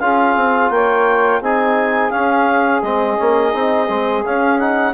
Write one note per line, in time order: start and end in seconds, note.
0.00 0.36 C#4
0.00 1.43 F4
0.00 0.72 G#4
0.00 0.71 F5
0.36 0.70 C4
0.70 1.41 A#3
0.70 1.40 C#5
0.70 1.41 G5
1.40 2.12 C4
1.40 2.11 D#4
1.40 4.93 G#4
1.40 2.11 G#5
2.11 2.82 C#4
2.11 2.83 C#4
2.11 2.81 F5
2.82 3.18 G#3
2.82 3.18 C4
2.82 4.23 D#5
3.18 3.54 A#3
3.18 3.52 C#4
3.52 3.89 C4
3.52 3.87 D#4
3.89 4.24 G#3
3.89 4.24 C4
4.25 4.60 C#4
4.25 4.94 C#4
4.25 4.59 F5
4.59 4.94 D#4
4.59 4.94 F#5